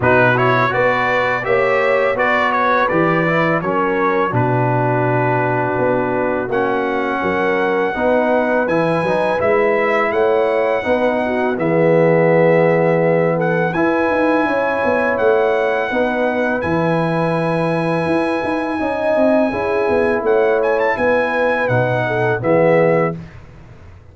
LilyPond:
<<
  \new Staff \with { instrumentName = "trumpet" } { \time 4/4 \tempo 4 = 83 b'8 cis''8 d''4 e''4 d''8 cis''8 | d''4 cis''4 b'2~ | b'4 fis''2. | gis''4 e''4 fis''2 |
e''2~ e''8 fis''8 gis''4~ | gis''4 fis''2 gis''4~ | gis''1 | fis''8 gis''16 a''16 gis''4 fis''4 e''4 | }
  \new Staff \with { instrumentName = "horn" } { \time 4/4 fis'4 b'4 cis''4 b'4~ | b'4 ais'4 fis'2~ | fis'2 ais'4 b'4~ | b'2 cis''4 b'8 fis'8 |
gis'2~ gis'8 a'8 b'4 | cis''2 b'2~ | b'2 dis''4 gis'4 | cis''4 b'4. a'8 gis'4 | }
  \new Staff \with { instrumentName = "trombone" } { \time 4/4 dis'8 e'8 fis'4 g'4 fis'4 | g'8 e'8 cis'4 d'2~ | d'4 cis'2 dis'4 | e'8 dis'8 e'2 dis'4 |
b2. e'4~ | e'2 dis'4 e'4~ | e'2 dis'4 e'4~ | e'2 dis'4 b4 | }
  \new Staff \with { instrumentName = "tuba" } { \time 4/4 b,4 b4 ais4 b4 | e4 fis4 b,2 | b4 ais4 fis4 b4 | e8 fis8 gis4 a4 b4 |
e2. e'8 dis'8 | cis'8 b8 a4 b4 e4~ | e4 e'8 dis'8 cis'8 c'8 cis'8 b8 | a4 b4 b,4 e4 | }
>>